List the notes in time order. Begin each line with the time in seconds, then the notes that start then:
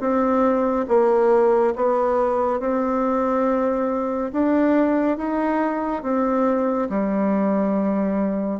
0.00 C4
0.88 A#3
1.76 B3
2.59 C4
4.32 D4
5.17 D#4
6.02 C4
6.89 G3